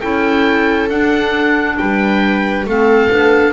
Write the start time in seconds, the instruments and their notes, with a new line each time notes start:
0.00 double bass C#4, clarinet E4, viola A4, oboe G5
0.90 double bass D4, clarinet D4, oboe F#5
1.77 double bass G3, viola B4, oboe G5
2.66 double bass A3, clarinet C4, viola A4, oboe F5
3.10 double bass B3, clarinet D4